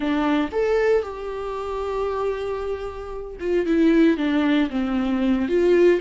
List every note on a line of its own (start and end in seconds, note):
0.00 0.49 D4
0.52 1.02 A4
1.02 3.37 G4
3.40 3.66 F4
3.66 4.17 E4
4.17 4.69 D4
4.70 5.48 C4
5.48 6.00 F4